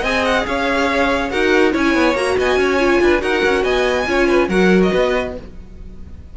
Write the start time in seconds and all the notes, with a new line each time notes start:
0.00 C4 G#4 D#5 G#5
0.25 F#5
0.46 C#4 C#5 F5
1.30 D#4 F#4 A#4 F#5
1.72 C#4 E4 C#5 G#5
1.95 B3
2.14 A#3 F#4 A#5
2.37 B3 D#5 G#5
2.56 C#4 C#5
2.79 F4
3.01 D4 B4
3.20 D#4 F#4 A#4 F#5
3.44 C#4
3.63 B3 D#5 G#5
4.07 C#4 F4 C#5
4.27 B4
4.48 F#3 F#4 A#4 F#5
4.83 D#5
4.91 B3 B4